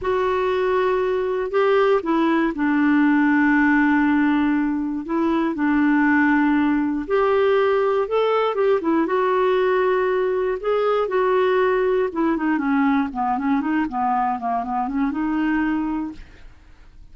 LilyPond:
\new Staff \with { instrumentName = "clarinet" } { \time 4/4 \tempo 4 = 119 fis'2. g'4 | e'4 d'2.~ | d'2 e'4 d'4~ | d'2 g'2 |
a'4 g'8 e'8 fis'2~ | fis'4 gis'4 fis'2 | e'8 dis'8 cis'4 b8 cis'8 dis'8 b8~ | b8 ais8 b8 cis'8 dis'2 | }